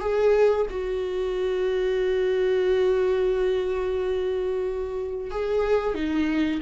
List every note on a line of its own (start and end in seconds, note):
0.00 0.66 G#4
0.70 5.31 F#4
5.31 5.94 G#4
5.94 6.60 D#4